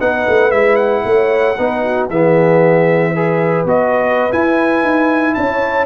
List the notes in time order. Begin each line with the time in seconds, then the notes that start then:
0.00 B3 D#4 B4 F#5
0.29 A3
0.51 G#3 E4 E5
0.76 F#5
1.05 A3 C#5
1.57 B3 D#4 B4
1.83 F#4
2.09 E3 B3 G#4 E5
3.13 G#4 B4
3.65 B3 F#4 D#5
4.31 E4 G#5
4.83 D#4
5.34 C#4 C#5 A5